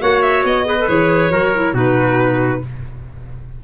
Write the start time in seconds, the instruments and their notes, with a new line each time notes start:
0.00 tuba A#3, clarinet F#4, trumpet C#5, violin F#5
0.22 violin E5
0.44 tuba B3, violin D#5
0.64 clarinet G#4, trumpet B4
0.79 clarinet A4
0.87 tuba E3, clarinet G#4, violin C#5
1.31 tuba F#3, clarinet F#4, trumpet A#4
1.54 clarinet E4
1.73 tuba B2, clarinet D#4, trumpet F#4, violin B4